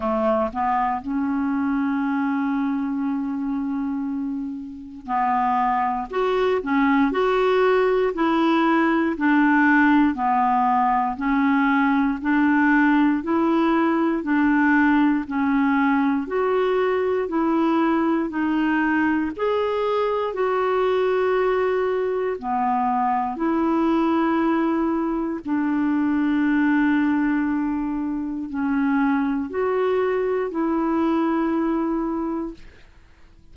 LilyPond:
\new Staff \with { instrumentName = "clarinet" } { \time 4/4 \tempo 4 = 59 a8 b8 cis'2.~ | cis'4 b4 fis'8 cis'8 fis'4 | e'4 d'4 b4 cis'4 | d'4 e'4 d'4 cis'4 |
fis'4 e'4 dis'4 gis'4 | fis'2 b4 e'4~ | e'4 d'2. | cis'4 fis'4 e'2 | }